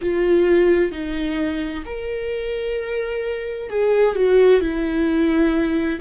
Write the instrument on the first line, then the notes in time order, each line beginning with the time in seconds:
viola
0.01 F4
0.91 D#4
1.85 A#4
3.69 G#4
4.15 F#4
4.61 E4